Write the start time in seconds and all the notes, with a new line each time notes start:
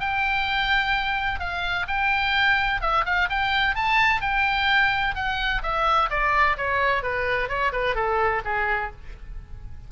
0.00 G5
1.40 F5
1.88 G5
2.81 E5
3.06 F5
3.30 G5
3.76 A5
4.22 G5
5.16 F#5
5.63 E5
6.10 D5
6.58 C#5
7.03 B4
7.49 C#5
7.73 B4
7.95 A4
8.45 G#4